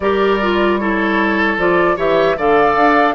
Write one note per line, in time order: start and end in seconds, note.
0.00 1.57 G3
0.00 0.40 G4
0.00 0.80 A#4
0.00 0.78 D5
0.41 0.80 F4
0.78 1.58 E4
0.78 1.96 A4
0.78 1.57 C#5
1.57 1.96 F3
1.57 1.96 F4
1.57 1.98 D5
1.96 2.36 E3
1.96 2.36 G4
1.96 2.36 C#5
1.96 2.38 E5
2.37 2.76 D3
2.37 3.15 A4
2.37 3.15 D5
2.37 3.15 F5
2.76 3.15 D4